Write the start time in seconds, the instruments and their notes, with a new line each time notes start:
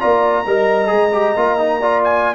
0.00 tuba A#3, trombone F4, horn D5, trumpet A#5
0.47 tuba G3, trombone A#4, horn D#5
0.87 tuba G#3, trombone G#4
1.14 trombone G4
1.36 tuba A#3, trombone F4
1.59 trombone D#4
1.80 trombone F4, horn D5
2.04 trumpet G#5